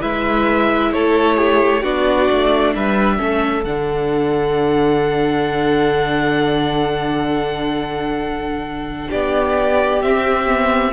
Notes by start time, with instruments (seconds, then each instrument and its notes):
0.00 cello G#3, viola E4, violin B4 E5
0.92 cello A3, violin A4 C#5
1.37 violin G4
1.82 cello B3, viola D4, violin F#4 D5
2.31 cello A3
2.75 cello G3, violin B4 E5
3.17 cello A3, viola C#4, violin A4
3.64 cello D3, viola D4, violin F#5
9.10 cello B3, violin G4 D5
10.02 viola C4, cello C4, violin E5
10.47 viola B3